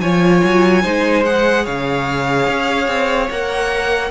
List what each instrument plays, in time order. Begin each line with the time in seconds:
0.00 cello F3, viola F4, violin C#5 G#5
0.43 cello F#3
0.82 cello G#3, viola D#4, violin C5
1.24 viola G#4, violin F#5
1.63 cello C#3, violin C#5 F5
2.47 cello C#4
2.87 cello C4
3.30 cello A#3, viola A#4, violin F#5